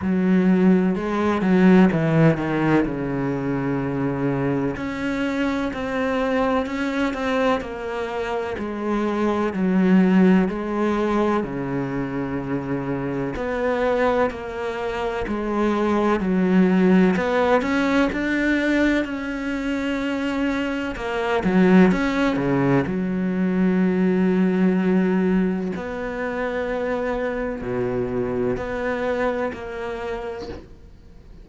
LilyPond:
\new Staff \with { instrumentName = "cello" } { \time 4/4 \tempo 4 = 63 fis4 gis8 fis8 e8 dis8 cis4~ | cis4 cis'4 c'4 cis'8 c'8 | ais4 gis4 fis4 gis4 | cis2 b4 ais4 |
gis4 fis4 b8 cis'8 d'4 | cis'2 ais8 fis8 cis'8 cis8 | fis2. b4~ | b4 b,4 b4 ais4 | }